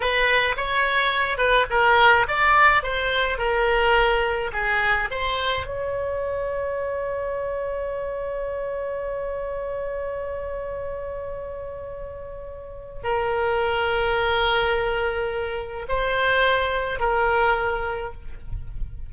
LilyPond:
\new Staff \with { instrumentName = "oboe" } { \time 4/4 \tempo 4 = 106 b'4 cis''4. b'8 ais'4 | d''4 c''4 ais'2 | gis'4 c''4 cis''2~ | cis''1~ |
cis''1~ | cis''2. ais'4~ | ais'1 | c''2 ais'2 | }